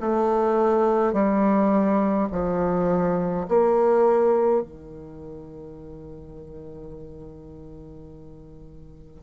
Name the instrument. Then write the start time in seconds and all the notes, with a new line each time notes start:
bassoon
0.00 A3
1.13 G3
2.31 F3
3.48 A#3
4.62 D#3